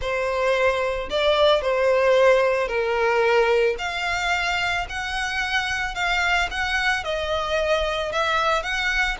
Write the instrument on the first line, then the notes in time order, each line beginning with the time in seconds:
violin
0.01 C5
1.10 D5
1.61 C5
2.68 A#4
3.78 F5
4.89 F#5
5.95 F5
6.50 F#5
7.04 D#5
8.12 E5
8.62 F#5